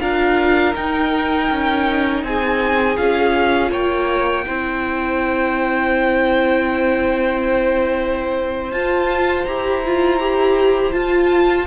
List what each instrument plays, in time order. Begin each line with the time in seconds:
0.00 cello D4, viola F4, violin A#4 F5
0.75 viola D#4, cello D#4, violin G5
1.51 cello C#4
2.24 cello C4, violin G#4 G#5
2.97 cello C#4, viola F4, violin F5
3.71 cello A#3, violin C#5 G5
4.47 cello C4, viola E4, violin C5
8.72 cello F4, viola F4, violin A5
9.46 cello E4, viola G4, violin A#5
9.85 viola F4
10.20 viola G4
10.92 viola F4, cello F4, violin A5